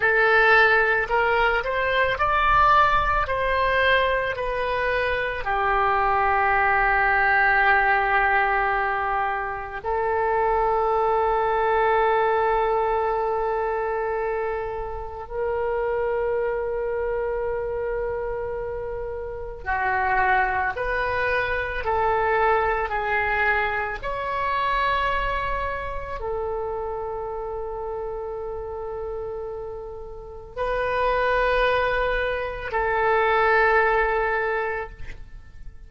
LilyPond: \new Staff \with { instrumentName = "oboe" } { \time 4/4 \tempo 4 = 55 a'4 ais'8 c''8 d''4 c''4 | b'4 g'2.~ | g'4 a'2.~ | a'2 ais'2~ |
ais'2 fis'4 b'4 | a'4 gis'4 cis''2 | a'1 | b'2 a'2 | }